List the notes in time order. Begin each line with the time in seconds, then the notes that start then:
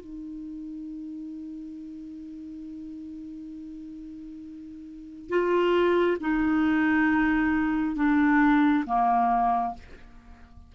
0.00 D#4
5.29 F4
6.20 D#4
7.96 D4
8.86 A#3